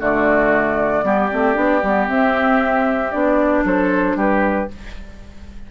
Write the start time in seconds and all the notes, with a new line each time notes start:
0.00 D3 A3 F#4 D5
1.03 G3 B3 G4
1.31 A3 C4
1.54 B3 D4
1.83 G3 B3
2.08 C4 E5
3.12 B3 D4 D5
3.65 F#3 A4 C5
4.16 G3 G4 B4